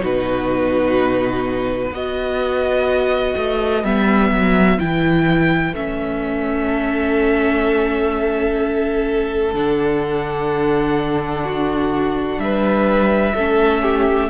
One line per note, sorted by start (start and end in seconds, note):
0.00 1.91 B2
0.00 1.90 D#4
0.00 1.92 F#4
0.00 1.94 B4
1.91 3.34 B3
1.91 3.84 F#4
1.91 6.67 B4
1.91 3.85 D#5
3.36 3.84 A3
3.84 4.31 G3
3.84 4.79 B3
3.84 4.79 E5
4.31 4.78 F#3
4.79 5.72 E3
4.79 5.75 E4
4.79 5.74 G5
5.72 9.53 A3
5.72 9.54 C#4
5.72 9.55 E5
6.67 11.43 A4
9.53 12.38 D3
9.53 13.35 D4
9.53 12.39 F#5
11.45 12.40 F#4
12.38 13.33 G3
12.38 13.35 B4
12.38 14.30 E5
13.35 14.30 A3
13.35 14.30 C#4
13.35 13.82 A4
13.82 14.30 G4